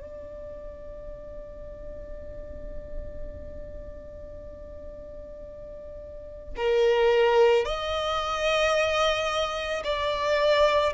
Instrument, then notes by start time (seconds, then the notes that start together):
violin
0.00 D5
6.56 A#4
7.65 D#5
9.84 D5